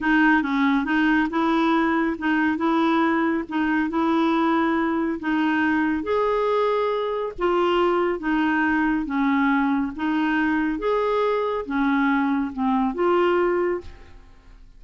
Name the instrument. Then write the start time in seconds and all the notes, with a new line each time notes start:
clarinet
0.01 D#4
0.42 C#4
0.84 D#4
1.30 E4
2.18 D#4
2.57 E4
3.48 D#4
3.89 E4
5.19 D#4
6.03 G#4
7.38 F4
8.19 D#4
9.05 C#4
9.95 D#4
10.79 G#4
11.65 C#4
12.52 C4
12.94 F4